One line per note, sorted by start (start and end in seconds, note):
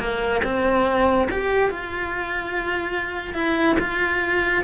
0.00 0.42 A#3
0.44 1.29 C4
1.31 1.71 G4
1.71 3.35 F4
3.35 3.77 E4
3.80 4.64 F4